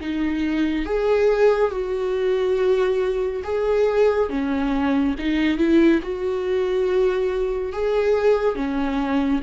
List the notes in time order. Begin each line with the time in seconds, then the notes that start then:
0.00 D#4
0.85 G#4
1.71 F#4
3.44 G#4
4.29 C#4
5.19 D#4
5.58 E4
6.02 F#4
7.73 G#4
8.55 C#4